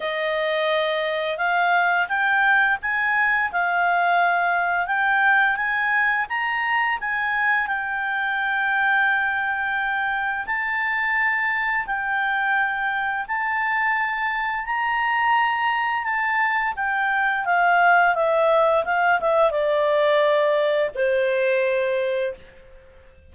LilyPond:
\new Staff \with { instrumentName = "clarinet" } { \time 4/4 \tempo 4 = 86 dis''2 f''4 g''4 | gis''4 f''2 g''4 | gis''4 ais''4 gis''4 g''4~ | g''2. a''4~ |
a''4 g''2 a''4~ | a''4 ais''2 a''4 | g''4 f''4 e''4 f''8 e''8 | d''2 c''2 | }